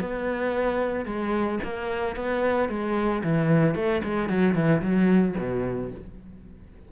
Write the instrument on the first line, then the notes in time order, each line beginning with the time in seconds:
cello
0.00 B3
1.05 G#3
1.63 A#3
2.16 B3
2.69 G#3
3.23 E3
3.75 A3
4.03 G#3
4.29 F#3
4.54 E3
4.82 F#3
5.37 B2